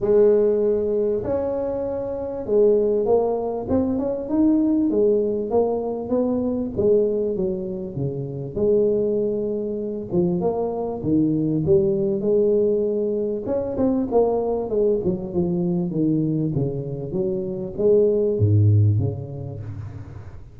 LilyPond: \new Staff \with { instrumentName = "tuba" } { \time 4/4 \tempo 4 = 98 gis2 cis'2 | gis4 ais4 c'8 cis'8 dis'4 | gis4 ais4 b4 gis4 | fis4 cis4 gis2~ |
gis8 f8 ais4 dis4 g4 | gis2 cis'8 c'8 ais4 | gis8 fis8 f4 dis4 cis4 | fis4 gis4 gis,4 cis4 | }